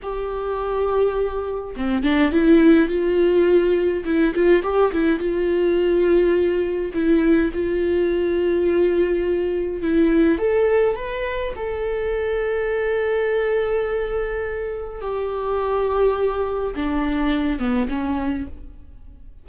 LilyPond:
\new Staff \with { instrumentName = "viola" } { \time 4/4 \tempo 4 = 104 g'2. c'8 d'8 | e'4 f'2 e'8 f'8 | g'8 e'8 f'2. | e'4 f'2.~ |
f'4 e'4 a'4 b'4 | a'1~ | a'2 g'2~ | g'4 d'4. b8 cis'4 | }